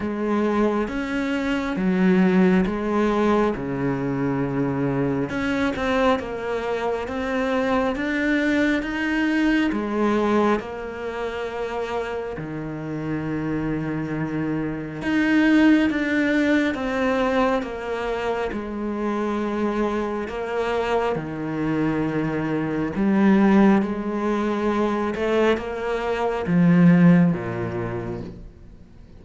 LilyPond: \new Staff \with { instrumentName = "cello" } { \time 4/4 \tempo 4 = 68 gis4 cis'4 fis4 gis4 | cis2 cis'8 c'8 ais4 | c'4 d'4 dis'4 gis4 | ais2 dis2~ |
dis4 dis'4 d'4 c'4 | ais4 gis2 ais4 | dis2 g4 gis4~ | gis8 a8 ais4 f4 ais,4 | }